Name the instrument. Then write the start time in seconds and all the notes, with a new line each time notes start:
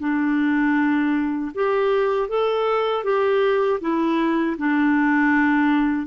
clarinet
0.00 D4
1.55 G4
2.29 A4
3.04 G4
3.81 E4
4.58 D4